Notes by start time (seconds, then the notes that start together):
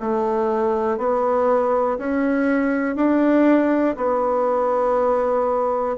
0.00 A3
0.98 B3
1.98 C#4
2.96 D4
3.96 B3